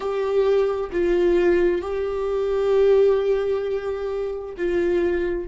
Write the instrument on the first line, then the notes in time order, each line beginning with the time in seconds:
viola
0.00 G4
0.91 F4
1.81 G4
4.57 F4